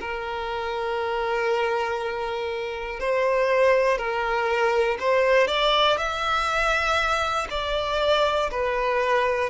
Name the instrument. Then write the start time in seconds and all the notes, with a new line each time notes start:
violin
0.00 A#4
3.00 C5
3.98 A#4
5.00 C5
5.48 D5
5.97 E5
7.50 D5
8.51 B4